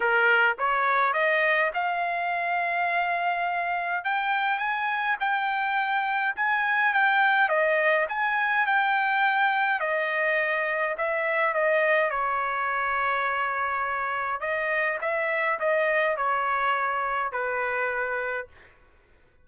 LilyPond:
\new Staff \with { instrumentName = "trumpet" } { \time 4/4 \tempo 4 = 104 ais'4 cis''4 dis''4 f''4~ | f''2. g''4 | gis''4 g''2 gis''4 | g''4 dis''4 gis''4 g''4~ |
g''4 dis''2 e''4 | dis''4 cis''2.~ | cis''4 dis''4 e''4 dis''4 | cis''2 b'2 | }